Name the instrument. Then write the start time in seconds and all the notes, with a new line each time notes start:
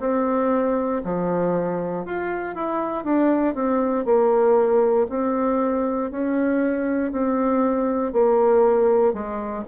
bassoon
0.00 C4
1.04 F3
2.05 F4
2.55 E4
3.04 D4
3.55 C4
4.05 A#3
5.09 C4
6.11 C#4
7.12 C4
8.13 A#3
9.13 G#3